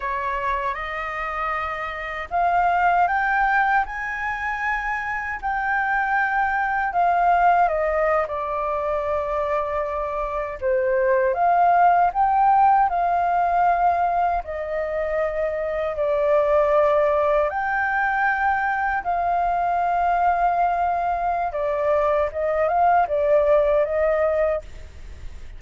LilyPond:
\new Staff \with { instrumentName = "flute" } { \time 4/4 \tempo 4 = 78 cis''4 dis''2 f''4 | g''4 gis''2 g''4~ | g''4 f''4 dis''8. d''4~ d''16~ | d''4.~ d''16 c''4 f''4 g''16~ |
g''8. f''2 dis''4~ dis''16~ | dis''8. d''2 g''4~ g''16~ | g''8. f''2.~ f''16 | d''4 dis''8 f''8 d''4 dis''4 | }